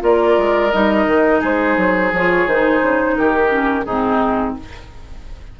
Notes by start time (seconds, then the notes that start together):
0.00 A#3 F4 A#4 D5
0.37 G#3
0.72 G3 D#4 D#5
1.06 D#3
1.40 G#3 G#4 C5
1.77 F#3
2.12 F3 F4 C#5
2.46 D#3 D#4 C5
2.82 C#3
3.16 D#3 G4 A#4
3.49 C#4
3.85 G#2 C4 D#4 G#4